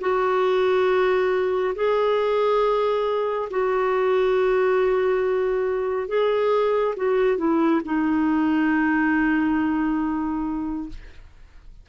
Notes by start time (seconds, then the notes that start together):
0.00 F#4
1.75 G#4
3.50 F#4
6.08 G#4
6.96 F#4
7.37 E4
7.84 D#4